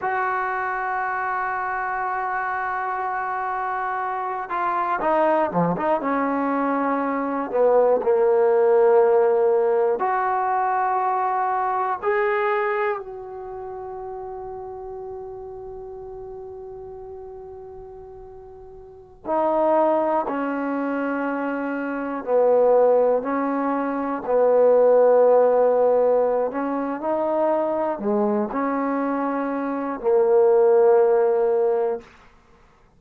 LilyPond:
\new Staff \with { instrumentName = "trombone" } { \time 4/4 \tempo 4 = 60 fis'1~ | fis'8 f'8 dis'8 f16 dis'16 cis'4. b8 | ais2 fis'2 | gis'4 fis'2.~ |
fis'2.~ fis'16 dis'8.~ | dis'16 cis'2 b4 cis'8.~ | cis'16 b2~ b16 cis'8 dis'4 | gis8 cis'4. ais2 | }